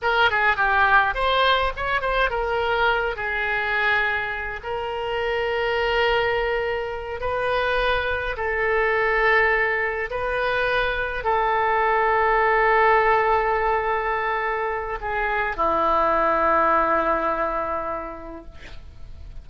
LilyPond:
\new Staff \with { instrumentName = "oboe" } { \time 4/4 \tempo 4 = 104 ais'8 gis'8 g'4 c''4 cis''8 c''8 | ais'4. gis'2~ gis'8 | ais'1~ | ais'8 b'2 a'4.~ |
a'4. b'2 a'8~ | a'1~ | a'2 gis'4 e'4~ | e'1 | }